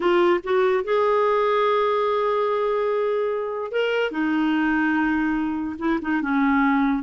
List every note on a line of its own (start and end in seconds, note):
0.00 0.40 F4
0.43 0.84 F#4
0.84 3.71 G#4
3.71 4.11 A#4
4.11 5.76 D#4
5.78 5.99 E4
6.01 6.21 D#4
6.21 7.03 C#4